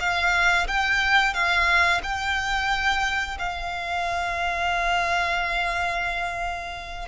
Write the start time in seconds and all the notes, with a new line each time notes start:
0.00 F5
0.68 G5
1.34 F5
2.03 G5
3.39 F5